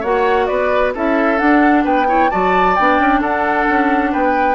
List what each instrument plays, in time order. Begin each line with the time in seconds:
0.00 bassoon A#3, clarinet F#4, oboe C#5, flute F#5
0.46 bassoon B3, oboe B4, flute D5
0.94 bassoon C#4, clarinet E4, oboe A4, flute E5
1.37 clarinet D4, bassoon D4, flute F#5
1.84 bassoon B3, oboe B4, flute G5
2.06 clarinet E4, oboe C#5
2.30 bassoon F#3, clarinet F#4, oboe D5, flute A5
2.75 bassoon B3, clarinet D4, flute G5
2.99 bassoon C#4
3.20 bassoon D4, oboe A4, flute F#5
3.69 bassoon C#4
4.11 bassoon B3, oboe B4, flute G5